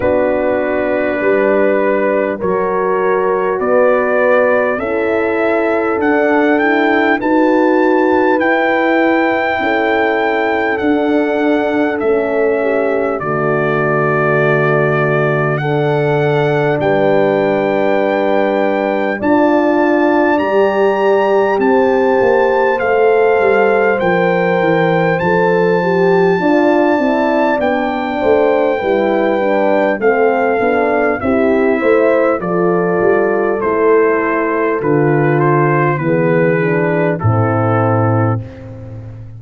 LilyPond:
<<
  \new Staff \with { instrumentName = "trumpet" } { \time 4/4 \tempo 4 = 50 b'2 cis''4 d''4 | e''4 fis''8 g''8 a''4 g''4~ | g''4 fis''4 e''4 d''4~ | d''4 fis''4 g''2 |
a''4 ais''4 a''4 f''4 | g''4 a''2 g''4~ | g''4 f''4 e''4 d''4 | c''4 b'8 c''8 b'4 a'4 | }
  \new Staff \with { instrumentName = "horn" } { \time 4/4 fis'4 b'4 ais'4 b'4 | a'2 b'2 | a'2~ a'8 g'8 fis'4~ | fis'4 a'4 b'2 |
d''2 c''2~ | c''2 d''4. c''8 | b'4 a'4 g'8 c''8 a'4~ | a'2 gis'4 e'4 | }
  \new Staff \with { instrumentName = "horn" } { \time 4/4 d'2 fis'2 | e'4 d'8 e'8 fis'4 e'4~ | e'4 d'4 cis'4 a4~ | a4 d'2. |
f'4 g'2 a'4 | ais'4 a'8 g'8 f'8 e'8 d'4 | e'8 d'8 c'8 d'8 e'4 f'4 | e'4 f'4 b8 d'8 c'4 | }
  \new Staff \with { instrumentName = "tuba" } { \time 4/4 b4 g4 fis4 b4 | cis'4 d'4 dis'4 e'4 | cis'4 d'4 a4 d4~ | d2 g2 |
d'4 g4 c'8 ais8 a8 g8 | f8 e8 f4 d'8 c'8 b8 a8 | g4 a8 b8 c'8 a8 f8 g8 | a4 d4 e4 a,4 | }
>>